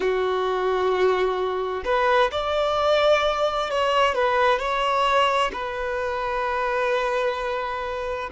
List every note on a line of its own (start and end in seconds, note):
0.00 1.83 F#4
1.85 2.31 B4
2.31 3.70 D5
3.70 4.14 C#5
4.14 4.59 B4
4.59 5.51 C#5
5.53 8.30 B4